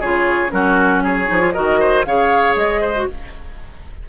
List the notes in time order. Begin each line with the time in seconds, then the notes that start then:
0.00 C#3 F4 G#4 C#5
0.49 F#3 C#4 F#4 A#4
1.04 G#4 C#5
1.27 F3 D#4
1.40 F4
1.52 D#3 F#4 A#4 D#5
1.80 C5
2.05 C#3 G#4 C#5 F5
2.56 G#3 D#5
2.81 C5
2.96 F#4